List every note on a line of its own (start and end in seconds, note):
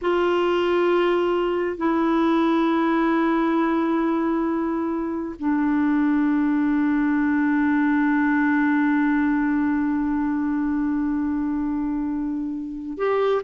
0.01 1.77 F4
1.77 5.35 E4
5.39 12.97 D4
12.97 13.42 G4